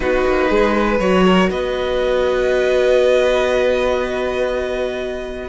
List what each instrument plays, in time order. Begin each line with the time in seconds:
0.00 cello B3, viola D#4, violin F#4 B4
0.26 cello A#3
0.49 cello G#3, violin G#4
0.75 violin B4
0.99 cello F#3, viola F#4, violin C#5
1.25 violin A#4
1.50 cello B3, violin B4 D#5